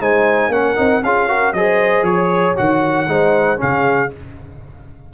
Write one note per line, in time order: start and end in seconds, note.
0.00 0.48 G#3
0.00 0.51 D#4
0.00 0.51 C5
0.00 0.52 G#5
0.48 0.74 A#3
0.48 0.76 C#4
0.48 1.03 A#4
0.48 1.03 F#5
0.76 1.02 C4
0.76 1.01 D#4
1.02 1.53 C#4
1.02 1.28 F4
1.02 1.28 G#4
1.02 1.53 F5
1.28 1.53 F#4
1.28 1.54 A#4
1.53 2.02 F#3
1.53 2.56 G#4
1.53 2.08 C5
1.53 2.04 D#5
2.02 2.53 F3
2.02 2.56 C#5
2.08 3.09 C#5
2.56 3.08 D#3
2.56 3.07 F#4
2.56 3.60 F#5
3.08 3.59 G#3
3.08 3.57 D#4
3.08 3.60 C5
3.57 4.13 C#3
3.57 4.08 C#4
3.57 4.12 G#4
3.57 4.12 F5